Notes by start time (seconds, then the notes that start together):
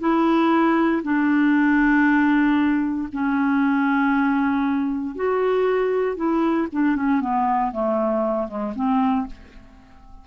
0.00 E4
1.03 D4
3.13 C#4
5.16 F#4
6.17 E4
6.72 D4
6.96 C#4
7.21 B3
7.72 A3
8.48 G#3
8.76 C4